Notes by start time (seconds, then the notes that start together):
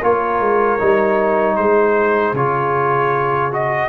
0.00 A#3 F4 A#4 C#5
0.41 G#3
0.80 G3 D#4
1.57 G#3 G#4 C5
2.33 C#3 F4 C#5
3.52 F#4 D#5